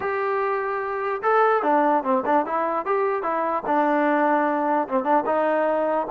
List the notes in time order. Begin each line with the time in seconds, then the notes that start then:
0.00 G4
1.22 A4
1.63 D4
2.03 C4
2.25 D4
2.46 E4
2.85 G4
3.22 E4
3.66 D4
4.88 C4
5.03 D4
5.26 D#4